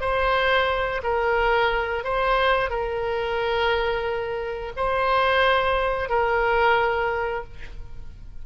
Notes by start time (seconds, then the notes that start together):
0.00 C5
1.03 A#4
2.03 C5
2.70 A#4
4.76 C5
6.09 A#4